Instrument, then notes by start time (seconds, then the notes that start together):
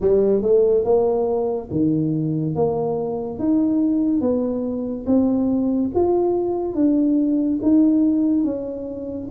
tuba
0.00 G3
0.42 A3
0.84 A#3
1.70 D#3
2.55 A#3
3.38 D#4
4.21 B3
5.06 C4
5.95 F4
6.75 D4
7.62 D#4
8.44 C#4